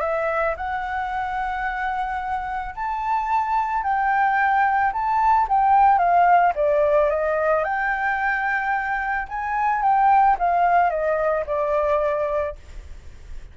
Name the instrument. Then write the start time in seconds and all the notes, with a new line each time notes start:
flute
0.00 E5
0.57 F#5
2.75 A5
3.83 G5
4.93 A5
5.48 G5
5.98 F5
6.55 D5
7.10 D#5
7.64 G5
9.29 G#5
9.82 G5
10.39 F5
10.90 D#5
11.46 D5